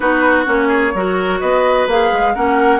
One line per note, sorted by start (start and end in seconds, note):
0.00 0.45 B3
0.00 0.45 D#4
0.00 0.68 F#4
0.00 0.45 B4
0.45 0.94 A#3
0.45 0.92 C#4
0.45 1.40 C#5
0.68 0.91 G#4
0.94 1.41 F#3
0.94 1.89 F#4
0.94 1.40 A#4
1.40 1.87 B3
1.40 2.33 B4
1.40 1.87 D#5
1.87 2.10 A#3
1.87 2.34 G#4
1.87 2.34 F5
2.12 2.35 G#3
2.34 2.79 A#3
2.34 2.79 C#4
2.34 2.79 A#4
2.34 2.79 F#5